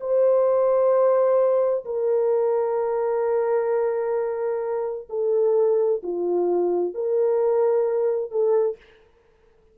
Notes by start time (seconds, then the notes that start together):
0.00 C5
1.85 A#4
5.09 A4
6.03 F4
6.94 A#4
8.31 A4